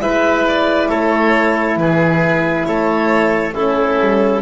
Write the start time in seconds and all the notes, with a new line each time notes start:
0.00 G#3 E4 B4 E5
0.48 D5
0.89 A3 A4 C#5
1.76 E3 G#4 B4
2.65 A3 A4 C#5
3.54 C#4 E4 A4
3.99 G3